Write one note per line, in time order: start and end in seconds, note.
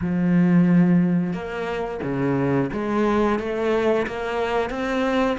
0.01 1.33 F3
1.33 2.00 A#3
2.02 2.70 C#3
2.72 3.39 G#3
3.39 4.06 A3
4.06 4.69 A#3
4.69 5.37 C4